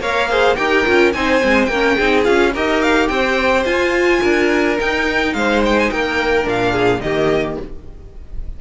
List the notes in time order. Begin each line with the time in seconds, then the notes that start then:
0.00 A#3 A#4 C#5 F5
0.29 G#4 C5
0.55 D#4 G4 A#4 G5
0.85 C#4 F4
1.13 C4 D#4 C5 G#5
1.40 G#3 C4
1.65 A#3 A#4 G5
1.73 C#4
1.95 C4 D#4 G#4
2.24 C#4 F4 F5
2.53 D#4 G4 A#4 D#5
2.82 F5
3.08 C4 C5 G5
3.65 F4 G#5
4.21 D4 A#4
4.77 D#4 G5
5.34 G#3 C5 F5
5.65 G5
5.79 G#5
5.90 A#3 A#4 G5
6.43 A#2 D4 F5
6.72 G#4
7.01 D#3 A#3 G4 D#5